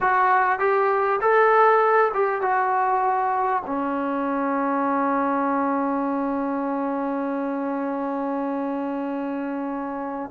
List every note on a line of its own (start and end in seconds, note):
0.00 0.59 F#4
0.59 1.20 G4
1.21 2.12 A4
2.14 2.41 G4
2.41 3.62 F#4
3.66 10.30 C#4